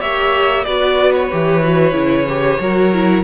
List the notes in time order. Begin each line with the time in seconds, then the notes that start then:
0.00 A#3 G4 C#5 E5
0.64 B3 F#4 B4 D5
1.14 C#5
1.31 E3 G4
1.63 F#4
1.92 C#3 E4
2.28 G4
2.61 F#3 F#4 A#4
2.93 E4